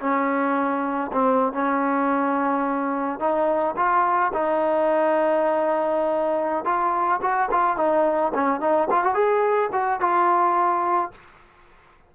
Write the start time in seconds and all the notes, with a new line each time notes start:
0.00 C#4
1.12 C4
1.53 C#4
3.19 D#4
3.77 F4
4.33 D#4
6.65 F4
7.21 F#4
7.51 F4
7.77 D#4
8.34 C#4
8.60 D#4
8.90 F4
9.04 F#4
9.14 G#4
9.72 F#4
10.00 F4